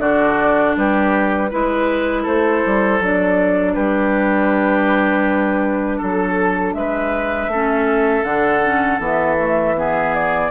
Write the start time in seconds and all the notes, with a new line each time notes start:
0.00 D3 D4 F#4 D5
0.77 G3 G4 B4
1.51 G#3 E4 B4
2.23 A3 A4 C5
2.66 G3
3.01 F#3 D4 D5
3.75 G3 G4 B4
5.98 F#3 A4
6.75 G#3 B4 E5
7.48 A3 C#4 A4
8.24 D3 D4 F#5
8.65 C#4
9.00 E3 B3 E5
9.38 A3
9.77 B3 G#4
10.15 D5